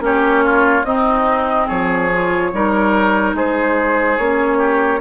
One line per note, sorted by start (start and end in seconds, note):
0.00 0.83 A#3
0.00 0.84 C#4
0.00 0.44 G4
0.00 0.84 C#5
0.44 0.86 F4
0.84 1.67 C4
0.84 2.11 C4
0.84 1.67 D#4
0.84 1.67 D#5
1.67 2.53 F3
1.67 2.51 G#4
1.67 3.35 C#5
2.12 2.53 F4
2.53 3.34 G3
2.53 4.19 D#4
2.53 3.36 A#4
3.34 4.18 G#3
3.34 4.58 G#4
3.34 4.17 C5
4.17 5.01 A#3
4.17 5.01 C#4
4.17 5.01 C#5
4.58 5.00 G4